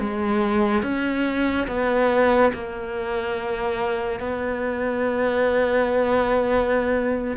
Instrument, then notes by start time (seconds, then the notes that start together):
cello
0.00 G#3
0.83 C#4
1.68 B3
2.54 A#3
4.20 B3